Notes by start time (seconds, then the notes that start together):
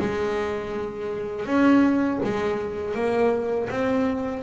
0.00 G#3
1.46 C#4
2.25 G#3
2.95 A#3
3.70 C4